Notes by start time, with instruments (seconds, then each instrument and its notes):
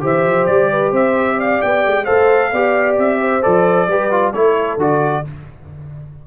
0.00 tuba E3, trombone G4, horn C5, trumpet E5
0.24 tuba F3
0.46 tuba G3, trumpet D5
0.71 horn B4
0.91 tuba C4, horn C5, trumpet E5
1.37 horn D5, trumpet F5
1.62 tuba B3, trumpet G5
1.86 tuba G#3
2.05 tuba A3, trombone A4, horn C5, trumpet F5
2.52 tuba B3, trombone G4, horn D5
2.97 tuba C4, trumpet E5
3.20 horn C5
3.42 tuba F3, trombone A4, trumpet D5
3.87 tuba G3, trombone G4, horn B4
4.11 trombone F4
4.33 tuba A3, trombone E4, horn A4, trumpet C#5
4.77 tuba D3, trombone F#4, trumpet D5